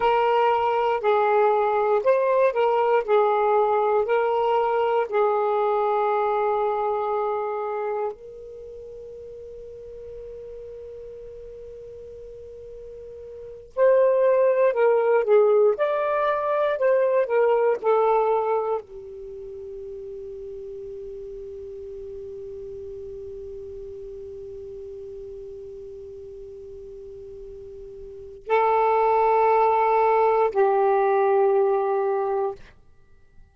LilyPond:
\new Staff \with { instrumentName = "saxophone" } { \time 4/4 \tempo 4 = 59 ais'4 gis'4 c''8 ais'8 gis'4 | ais'4 gis'2. | ais'1~ | ais'4. c''4 ais'8 gis'8 d''8~ |
d''8 c''8 ais'8 a'4 g'4.~ | g'1~ | g'1 | a'2 g'2 | }